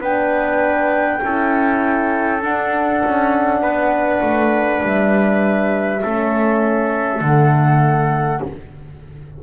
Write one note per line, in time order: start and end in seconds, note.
0.00 1.20 B3
0.00 1.21 D4
0.00 1.21 B4
0.00 2.42 G5
1.23 2.43 C#4
1.23 2.41 E4
1.23 3.62 A4
2.41 6.01 D4
2.41 3.02 D4
2.41 4.83 F#5
3.04 3.61 C#4
3.61 4.21 B3
3.61 6.02 B4
4.21 4.81 A3
4.82 6.02 G3
4.82 7.22 E5
6.02 7.21 A3
6.02 7.22 C#4
6.02 8.42 A4
7.21 8.40 D3
7.21 8.42 A3
7.21 8.42 F#5